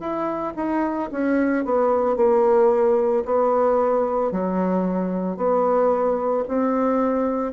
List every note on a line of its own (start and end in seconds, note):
0.00 0.54 E4
0.56 1.10 D#4
1.12 1.65 C#4
1.65 2.17 B3
2.17 3.24 A#3
3.25 4.31 B3
4.31 5.37 F#3
5.37 6.44 B3
6.48 7.53 C4